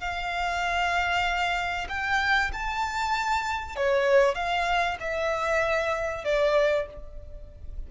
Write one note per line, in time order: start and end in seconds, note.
0.00 1.88 F5
1.89 2.51 G5
2.53 3.76 A5
3.76 4.35 C#5
4.35 4.97 F5
5.00 6.24 E5
6.24 6.87 D5